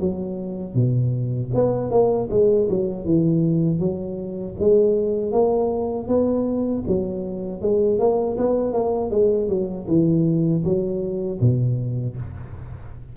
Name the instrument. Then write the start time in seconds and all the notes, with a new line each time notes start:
tuba
0.00 F#3
0.75 B2
1.54 B3
1.91 A#3
2.30 G#3
2.70 F#3
3.05 E3
3.79 F#3
4.59 G#3
5.32 A#3
6.08 B3
6.87 F#3
7.62 G#3
7.99 A#3
8.38 B3
8.73 A#3
9.11 G#3
9.49 F#3
9.88 E3
10.64 F#3
11.41 B2